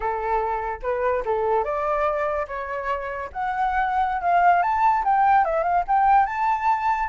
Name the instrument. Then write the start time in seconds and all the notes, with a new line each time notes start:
flute
0.00 A4
0.82 B4
1.25 A4
1.64 D5
2.47 C#5
3.32 F#5
4.21 F5
4.62 A5
5.04 G5
5.44 E5
5.63 F5
5.87 G5
6.26 A5